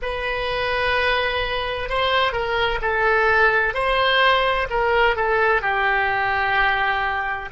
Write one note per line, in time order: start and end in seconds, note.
0.02 1.89 B4
1.89 2.32 C5
2.32 2.79 A#4
2.81 3.73 A4
3.73 4.67 C5
4.70 5.16 A#4
5.16 5.61 A4
5.61 7.49 G4